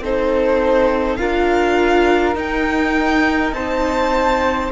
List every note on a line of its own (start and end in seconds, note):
0.00 1.18 C4
0.00 1.19 D#4
0.00 1.19 A4
0.00 1.16 C5
1.16 2.35 D4
1.16 2.35 F4
1.16 3.54 A#4
1.16 2.34 F5
2.35 4.70 D#4
2.35 3.52 D#4
2.35 3.53 G5
3.52 4.70 C4
3.52 4.72 C5
3.52 4.71 A5